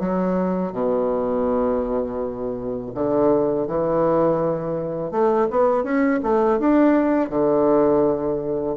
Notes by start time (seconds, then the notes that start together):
0.00 F#3
0.73 B2
2.95 D3
3.68 E3
5.12 A3
5.51 B3
5.84 C#4
6.23 A3
6.60 D4
7.30 D3